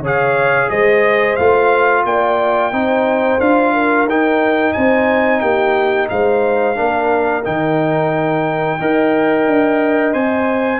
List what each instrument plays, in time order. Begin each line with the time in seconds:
0.00 tuba C#3, trombone G#4, horn C#5, trumpet F5
0.70 tuba G#3, horn C5, trumpet D#5
1.36 tuba A3, trombone F4, trumpet F5
2.05 tuba A#3, horn D5, trumpet G5
2.72 tuba C4, trombone D#4, horn C5
3.40 tuba D4, trombone F4, trumpet F5
3.73 horn A#4
4.05 tuba D#4, trombone D#4, trumpet G5
4.73 tuba C4, horn C5, trumpet G#5
5.40 tuba A#3, horn G4, trumpet G5
6.09 tuba G#3, horn C5, trumpet F5
6.75 tuba A#3, trombone D4, horn A#4
7.44 tuba D#3, trombone D#4, trumpet G5
8.79 tuba D#4, trombone A#4, horn D#5
9.47 tuba D4
10.13 tuba C4, trombone C5, trumpet G#5